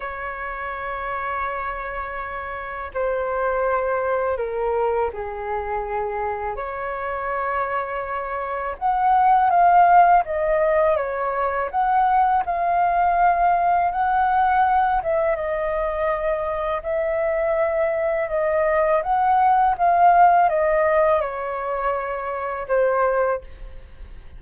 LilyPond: \new Staff \with { instrumentName = "flute" } { \time 4/4 \tempo 4 = 82 cis''1 | c''2 ais'4 gis'4~ | gis'4 cis''2. | fis''4 f''4 dis''4 cis''4 |
fis''4 f''2 fis''4~ | fis''8 e''8 dis''2 e''4~ | e''4 dis''4 fis''4 f''4 | dis''4 cis''2 c''4 | }